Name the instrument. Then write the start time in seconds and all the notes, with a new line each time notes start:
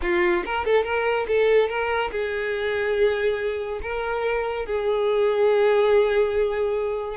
violin
0.01 F4
0.45 A#4
0.65 A4
0.84 A#4
1.27 A4
1.68 A#4
2.11 G#4
3.81 A#4
4.66 G#4